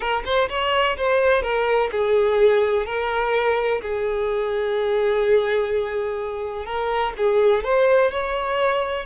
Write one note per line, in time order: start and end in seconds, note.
0.00 0.23 A#4
0.25 0.48 C5
0.49 0.97 C#5
0.97 1.42 C5
1.42 1.90 A#4
1.91 2.85 G#4
2.85 3.81 A#4
3.81 6.65 G#4
6.65 7.13 A#4
7.17 7.64 G#4
7.64 8.11 C5
8.11 9.05 C#5